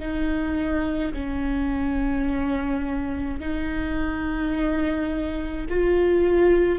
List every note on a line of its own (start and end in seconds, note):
0.00 1.13 D#4
1.14 3.41 C#4
3.41 5.67 D#4
5.70 6.80 F4